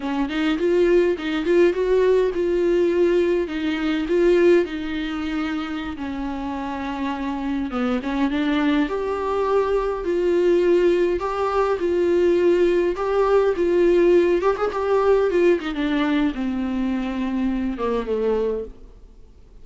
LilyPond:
\new Staff \with { instrumentName = "viola" } { \time 4/4 \tempo 4 = 103 cis'8 dis'8 f'4 dis'8 f'8 fis'4 | f'2 dis'4 f'4 | dis'2~ dis'16 cis'4.~ cis'16~ | cis'4~ cis'16 b8 cis'8 d'4 g'8.~ |
g'4~ g'16 f'2 g'8.~ | g'16 f'2 g'4 f'8.~ | f'8. g'16 gis'16 g'4 f'8 dis'16 d'4 | c'2~ c'8 ais8 a4 | }